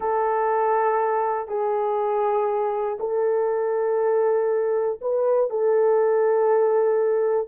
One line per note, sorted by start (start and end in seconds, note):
0.00 1.48 A4
1.48 2.98 G#4
2.99 4.99 A4
5.01 5.50 B4
5.50 7.48 A4